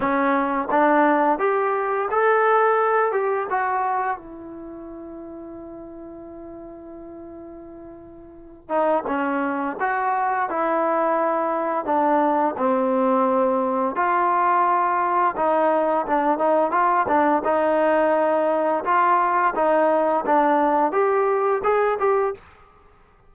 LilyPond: \new Staff \with { instrumentName = "trombone" } { \time 4/4 \tempo 4 = 86 cis'4 d'4 g'4 a'4~ | a'8 g'8 fis'4 e'2~ | e'1~ | e'8 dis'8 cis'4 fis'4 e'4~ |
e'4 d'4 c'2 | f'2 dis'4 d'8 dis'8 | f'8 d'8 dis'2 f'4 | dis'4 d'4 g'4 gis'8 g'8 | }